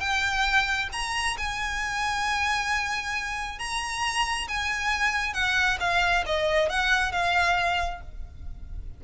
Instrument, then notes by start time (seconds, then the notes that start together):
violin
0.00 G5
0.92 A#5
1.38 G#5
3.59 A#5
4.48 G#5
5.34 F#5
5.80 F5
6.26 D#5
6.69 F#5
7.12 F5